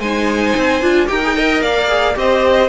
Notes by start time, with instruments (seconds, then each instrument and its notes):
0.00 cello G#3, viola D#4, violin C5 G#5
0.57 cello C4
0.81 cello D4, viola F4
1.07 cello D#4, viola G4, violin A#4 G5
1.23 viola G#4
1.36 viola A#4, violin D#5
1.62 cello A#3, violin D5 F5
1.87 viola G#4
2.14 cello C4, viola G4, violin C5 D#5